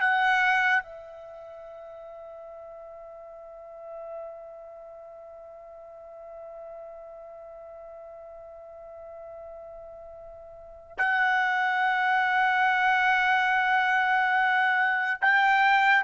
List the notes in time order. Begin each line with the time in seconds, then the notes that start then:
0.00 F#5
0.83 E5
10.98 F#5
15.21 G5